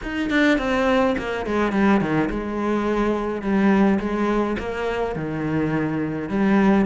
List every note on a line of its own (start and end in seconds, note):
0.03 0.30 D#4
0.30 0.58 D4
0.58 1.15 C4
1.17 1.46 A#3
1.46 1.72 G#3
1.72 2.00 G3
2.00 2.29 D#3
2.30 3.41 G#3
3.41 3.98 G3
3.99 4.56 G#3
4.58 5.15 A#3
5.15 6.29 D#3
6.29 6.85 G3